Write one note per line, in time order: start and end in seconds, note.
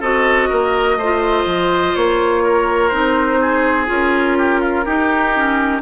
0.00 0.49 C4
0.00 0.99 F#4
0.00 0.48 A4
0.00 1.95 D#5
0.49 0.97 A#3
0.49 0.97 A#4
0.97 1.45 A3
0.97 2.43 C5
1.03 2.92 F4
1.46 1.94 F3
1.95 2.92 A#3
1.95 2.88 C#5
2.43 3.40 A#4
2.88 3.89 C4
2.88 3.86 D#4
2.88 3.85 C5
3.41 4.38 G#4
3.86 4.85 C#4
3.86 4.83 F4
3.86 5.81 A#4
4.38 4.60 G4
4.60 4.85 F4
4.85 5.34 D#4
4.85 5.81 D#4
4.85 5.81 G4
5.36 5.81 C#4